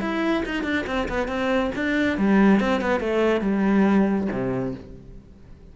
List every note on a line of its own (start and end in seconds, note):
0.00 0.43 E4
0.45 0.63 D#4
0.63 0.85 D4
0.86 1.08 C4
1.09 1.27 B3
1.27 1.71 C4
1.75 2.18 D4
2.18 2.60 G3
2.60 2.81 C4
2.81 3.00 B3
3.00 3.41 A3
3.41 4.27 G3
4.31 4.74 C3